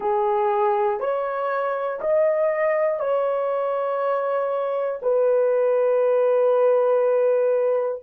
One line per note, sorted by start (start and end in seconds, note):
0.00 1.00 G#4
1.00 2.00 C#5
2.00 3.00 D#5
3.00 5.00 C#5
5.02 8.02 B4